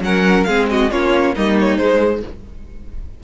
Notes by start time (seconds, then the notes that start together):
0.00 F#3 C#4 A#4 F#5
0.44 G#3 C4 G#4 F5
0.70 F#4 D#5
0.90 A#3 C#4 F4 C#5
1.35 G3 A#3 D#4 D#5
1.60 C#5
1.77 G#3 C5